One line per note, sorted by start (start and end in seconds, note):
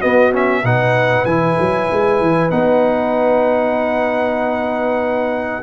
0.00 0.32 B3
0.00 0.64 B3
0.00 0.62 F#4
0.00 0.33 D#5
0.32 0.63 C#4
0.32 0.66 E5
0.64 1.25 B2
0.64 1.27 D#4
0.64 5.63 B4
0.64 1.25 F#5
1.25 1.57 E3
1.25 2.51 E4
1.25 2.50 G#5
1.60 1.91 F#3
1.92 2.21 G#3
2.21 2.52 E3
2.51 5.63 B3
2.51 5.63 D#4
2.51 5.63 F#5